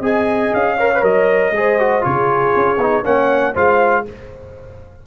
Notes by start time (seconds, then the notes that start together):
0.00 C4 G#4 D#5 G#5
0.53 C#4 F5
0.77 A#4 C#5
0.94 B4
1.01 F#3 A#4 D#5
1.51 G#3 G#4
1.57 C5
1.79 F#4
2.01 C#3 F4 G#4 C#5
2.55 C#4
2.77 B3 D#4
3.03 A#3 C#4 C#5 F#5
3.54 G#3 F4 C5 F5